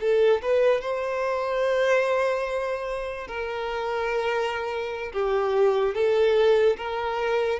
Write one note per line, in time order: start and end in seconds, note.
0.00 0.41 A4
0.42 0.81 B4
0.81 3.27 C5
3.27 5.12 A#4
5.13 5.94 G4
5.94 6.77 A4
6.77 7.59 A#4